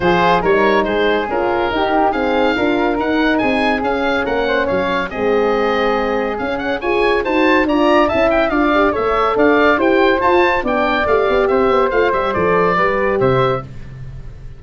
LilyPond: <<
  \new Staff \with { instrumentName = "oboe" } { \time 4/4 \tempo 4 = 141 c''4 cis''4 c''4 ais'4~ | ais'4 f''2 fis''4 | gis''4 f''4 fis''4 f''4 | dis''2. f''8 fis''8 |
gis''4 a''4 ais''4 a''8 g''8 | f''4 e''4 f''4 g''4 | a''4 g''4 f''4 e''4 | f''8 e''8 d''2 e''4 | }
  \new Staff \with { instrumentName = "flute" } { \time 4/4 gis'4 ais'4 gis'2 | g'4 gis'4 ais'2 | gis'2 ais'8 c''8 cis''4 | gis'1 |
cis''4 c''4 d''4 e''4 | d''4 cis''4 d''4 c''4~ | c''4 d''2 c''4~ | c''2 b'4 c''4 | }
  \new Staff \with { instrumentName = "horn" } { \time 4/4 f'4 dis'2 f'4 | dis'4 c'4 f'4 dis'4~ | dis'4 cis'2. | c'2. cis'4 |
gis'4 fis'4 f'4 e'4 | f'8 g'8 a'2 g'4 | f'4 d'4 g'2 | f'8 g'8 a'4 g'2 | }
  \new Staff \with { instrumentName = "tuba" } { \time 4/4 f4 g4 gis4 cis'4 | dis'2 d'4 dis'4 | c'4 cis'4 ais4 fis4 | gis2. cis'4 |
f'4 dis'4 d'4 cis'4 | d'4 a4 d'4 e'4 | f'4 b4 a8 b8 c'8 b8 | a8 g8 f4 g4 c4 | }
>>